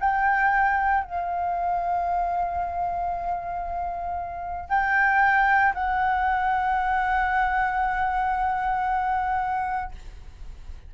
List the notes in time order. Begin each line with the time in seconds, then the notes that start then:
0.00 G5
1.04 F5
4.70 G5
5.75 F#5